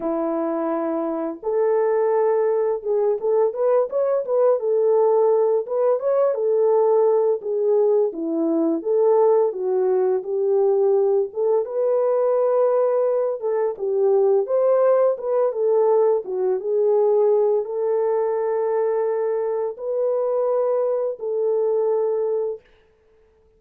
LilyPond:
\new Staff \with { instrumentName = "horn" } { \time 4/4 \tempo 4 = 85 e'2 a'2 | gis'8 a'8 b'8 cis''8 b'8 a'4. | b'8 cis''8 a'4. gis'4 e'8~ | e'8 a'4 fis'4 g'4. |
a'8 b'2~ b'8 a'8 g'8~ | g'8 c''4 b'8 a'4 fis'8 gis'8~ | gis'4 a'2. | b'2 a'2 | }